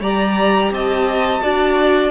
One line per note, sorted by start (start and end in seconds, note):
0.00 0.71 G3
0.00 1.41 G4
0.00 0.72 D5
0.00 0.73 A#5
0.71 1.41 C4
0.71 1.42 D#5
0.71 2.10 A5
1.41 2.10 D4
1.41 2.10 F#4
1.41 2.10 D5